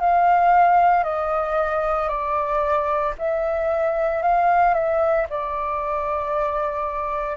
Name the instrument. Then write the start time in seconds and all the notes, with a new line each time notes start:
flute
0.00 F5
1.04 D#5
2.08 D5
3.18 E5
4.22 F5
4.74 E5
5.30 D5